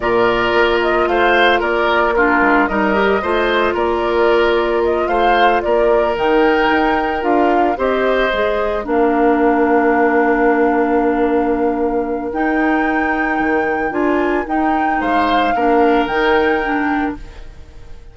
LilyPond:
<<
  \new Staff \with { instrumentName = "flute" } { \time 4/4 \tempo 4 = 112 d''4. dis''8 f''4 d''4 | ais'4 dis''2 d''4~ | d''4 dis''8 f''4 d''4 g''8~ | g''4. f''4 dis''4.~ |
dis''8 f''2.~ f''8~ | f''2. g''4~ | g''2 gis''4 g''4 | f''2 g''2 | }
  \new Staff \with { instrumentName = "oboe" } { \time 4/4 ais'2 c''4 ais'4 | f'4 ais'4 c''4 ais'4~ | ais'4. c''4 ais'4.~ | ais'2~ ais'8 c''4.~ |
c''8 ais'2.~ ais'8~ | ais'1~ | ais'1 | c''4 ais'2. | }
  \new Staff \with { instrumentName = "clarinet" } { \time 4/4 f'1 | d'4 dis'8 g'8 f'2~ | f'2.~ f'8 dis'8~ | dis'4. f'4 g'4 gis'8~ |
gis'8 d'2.~ d'8~ | d'2. dis'4~ | dis'2 f'4 dis'4~ | dis'4 d'4 dis'4 d'4 | }
  \new Staff \with { instrumentName = "bassoon" } { \time 4/4 ais,4 ais4 a4 ais4~ | ais8 gis8 g4 a4 ais4~ | ais4. a4 ais4 dis8~ | dis8 dis'4 d'4 c'4 gis8~ |
gis8 ais2.~ ais8~ | ais2. dis'4~ | dis'4 dis4 d'4 dis'4 | gis4 ais4 dis2 | }
>>